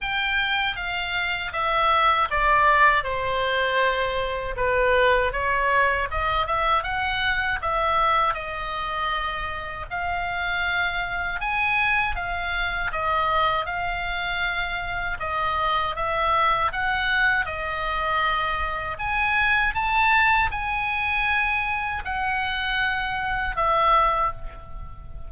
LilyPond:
\new Staff \with { instrumentName = "oboe" } { \time 4/4 \tempo 4 = 79 g''4 f''4 e''4 d''4 | c''2 b'4 cis''4 | dis''8 e''8 fis''4 e''4 dis''4~ | dis''4 f''2 gis''4 |
f''4 dis''4 f''2 | dis''4 e''4 fis''4 dis''4~ | dis''4 gis''4 a''4 gis''4~ | gis''4 fis''2 e''4 | }